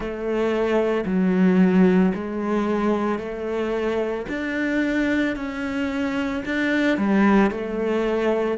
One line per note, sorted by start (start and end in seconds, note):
0.00 1.04 A3
1.05 2.12 F#3
2.14 3.19 G#3
3.19 4.26 A3
4.29 5.36 D4
5.36 6.43 C#4
6.45 6.97 D4
6.97 7.50 G3
7.50 8.57 A3